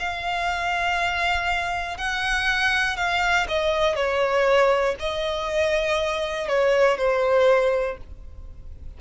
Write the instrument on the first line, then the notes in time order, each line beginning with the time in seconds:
violin
0.00 F5
1.98 F#5
2.97 F5
3.48 D#5
3.96 C#5
5.00 D#5
6.48 C#5
6.98 C5